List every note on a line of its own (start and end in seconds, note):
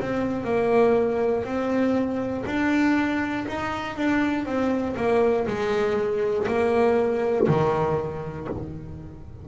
0.00 0.44 C4
0.44 1.44 A#3
1.44 2.44 C4
2.46 3.46 D4
3.48 3.96 D#4
3.96 4.45 D4
4.45 4.95 C4
4.97 5.47 A#3
5.47 6.47 G#3
6.47 7.47 A#3
7.47 8.47 D#3